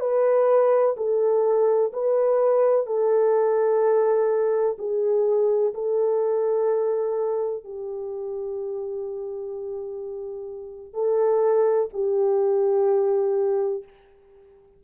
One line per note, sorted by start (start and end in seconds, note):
0.00 0.95 B4
0.97 1.92 A4
1.93 2.86 B4
2.86 4.77 A4
4.78 5.73 G#4
5.74 7.64 A4
7.64 10.94 G4
10.94 11.89 A4
11.93 13.84 G4